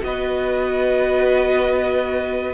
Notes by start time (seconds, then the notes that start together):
0.00 B3 F#4 B4 D#5